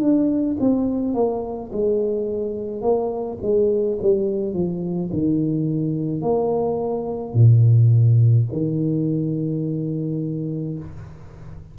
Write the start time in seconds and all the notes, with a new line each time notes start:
0.00 D4
0.60 C4
1.14 A#3
1.72 G#3
2.81 A#3
3.42 G#3
4.01 G3
4.54 F3
5.13 D#3
6.22 A#3
7.34 A#2
8.52 D#3